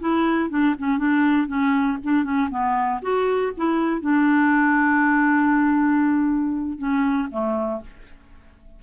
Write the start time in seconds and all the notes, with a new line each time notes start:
0.00 E4
0.50 D4
0.79 C#4
0.99 D4
1.48 C#4
2.04 D4
2.24 C#4
2.50 B3
3.02 F#4
3.57 E4
4.01 D4
6.78 C#4
7.31 A3